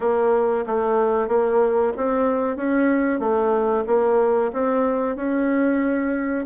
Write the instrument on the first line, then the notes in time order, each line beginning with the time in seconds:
bassoon
0.00 A#3
0.66 A3
1.28 A#3
1.96 C4
2.56 C#4
3.19 A3
3.87 A#3
4.52 C4
5.16 C#4